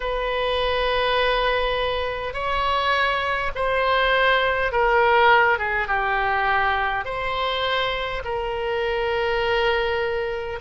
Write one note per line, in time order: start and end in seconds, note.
0.00 2.33 B4
2.33 3.51 C#5
3.55 4.72 C5
4.72 5.58 A#4
5.58 5.87 G#4
5.87 7.04 G4
7.04 8.22 C5
8.24 10.59 A#4